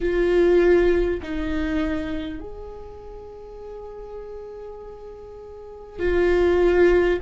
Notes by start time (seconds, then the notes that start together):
0.01 F4
1.22 D#4
2.39 G#4
5.99 F4